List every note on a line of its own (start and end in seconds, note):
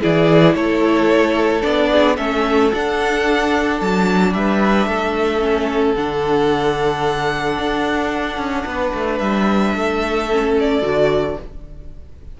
0.00 0.54 E3
0.00 1.61 E4
0.00 0.55 G#4
0.00 0.54 D5
0.54 1.62 A3
0.54 1.91 A4
0.54 1.61 C#5
1.61 2.18 B3
1.61 2.15 D4
1.61 2.15 D5
1.91 2.16 G#4
2.16 2.72 A3
2.16 2.71 C#4
2.16 4.32 A4
2.16 2.71 E5
2.72 5.40 D4
2.72 3.81 D4
2.72 3.80 F#5
3.80 4.33 F#3
3.80 4.33 A5
4.33 4.86 G3
4.33 4.88 B4
4.33 5.95 E5
4.86 5.94 A3
4.86 8.67 A4
5.40 5.94 C#4
5.95 7.58 D3
5.95 10.30 D4
5.95 9.18 F#5
7.58 8.37 D4
8.37 8.64 C#4
8.65 8.92 B3
8.65 9.75 B4
8.93 9.20 A3
9.18 9.74 G3
9.18 10.53 E5
9.74 10.82 A3
9.74 11.37 A4
10.31 10.82 C#4
10.59 11.40 D5
10.82 11.36 D3
10.82 11.36 F#4